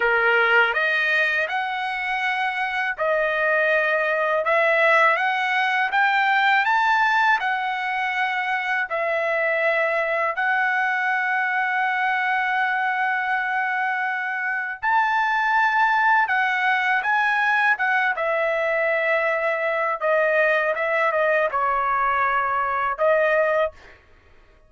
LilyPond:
\new Staff \with { instrumentName = "trumpet" } { \time 4/4 \tempo 4 = 81 ais'4 dis''4 fis''2 | dis''2 e''4 fis''4 | g''4 a''4 fis''2 | e''2 fis''2~ |
fis''1 | a''2 fis''4 gis''4 | fis''8 e''2~ e''8 dis''4 | e''8 dis''8 cis''2 dis''4 | }